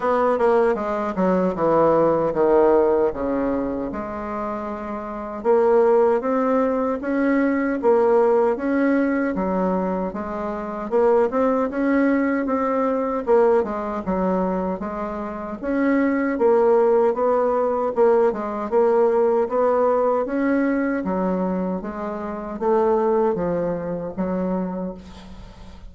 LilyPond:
\new Staff \with { instrumentName = "bassoon" } { \time 4/4 \tempo 4 = 77 b8 ais8 gis8 fis8 e4 dis4 | cis4 gis2 ais4 | c'4 cis'4 ais4 cis'4 | fis4 gis4 ais8 c'8 cis'4 |
c'4 ais8 gis8 fis4 gis4 | cis'4 ais4 b4 ais8 gis8 | ais4 b4 cis'4 fis4 | gis4 a4 f4 fis4 | }